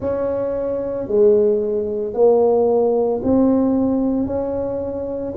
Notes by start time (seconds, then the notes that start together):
0.00 C#4
1.07 G#3
2.13 A#3
3.23 C4
4.26 C#4